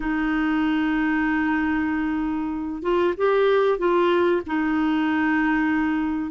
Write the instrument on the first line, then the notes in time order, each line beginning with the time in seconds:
clarinet
0.00 D#4
2.82 F4
3.17 G4
3.78 F4
4.46 D#4